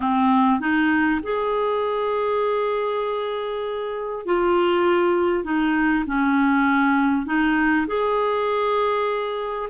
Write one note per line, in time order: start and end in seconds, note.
0.00 0.60 C4
0.60 1.20 D#4
1.22 4.25 G#4
4.25 5.44 F4
5.44 6.04 D#4
6.06 7.26 C#4
7.26 7.86 D#4
7.87 9.69 G#4